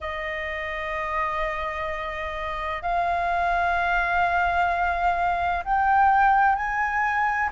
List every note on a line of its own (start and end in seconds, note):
0.00 2.82 D#5
2.82 5.63 F5
5.64 6.55 G5
6.55 7.49 G#5